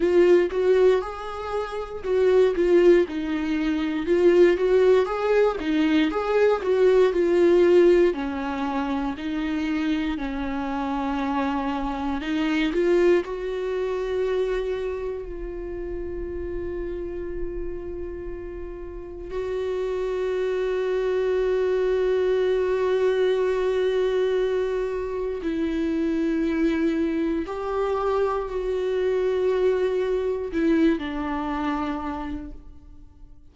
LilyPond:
\new Staff \with { instrumentName = "viola" } { \time 4/4 \tempo 4 = 59 f'8 fis'8 gis'4 fis'8 f'8 dis'4 | f'8 fis'8 gis'8 dis'8 gis'8 fis'8 f'4 | cis'4 dis'4 cis'2 | dis'8 f'8 fis'2 f'4~ |
f'2. fis'4~ | fis'1~ | fis'4 e'2 g'4 | fis'2 e'8 d'4. | }